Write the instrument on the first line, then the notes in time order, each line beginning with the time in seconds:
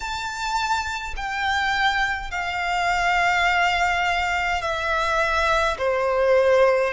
violin
0.00 A5
1.16 G5
2.31 F5
4.62 E5
5.77 C5